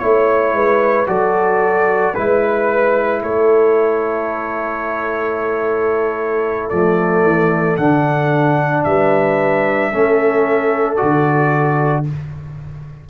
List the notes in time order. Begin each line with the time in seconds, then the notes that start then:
0.00 A3 E4 C#5
0.53 G#3 B4
1.07 F#3 F#4 A4 D5
2.14 G#3 E4 B4
3.23 A3 A4 C#5
6.70 F3 A3 D5
7.23 E3
7.78 D3 D4 F#5
8.84 G3 B4 E5
9.92 A3 C#4 A4
10.96 F#4 D5
11.03 D3